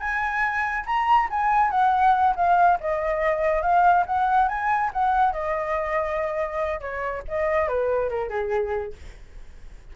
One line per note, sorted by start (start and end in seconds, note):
0.00 0.85 G#5
0.87 1.29 A#5
1.31 1.71 G#5
1.71 2.35 F#5
2.36 2.79 F5
2.81 3.62 D#5
3.62 4.05 F5
4.07 4.49 F#5
4.49 4.91 G#5
4.94 5.33 F#5
5.33 6.81 D#5
6.81 7.23 C#5
7.29 7.69 D#5
7.69 8.10 B4
8.10 8.30 A#4
8.30 8.94 G#4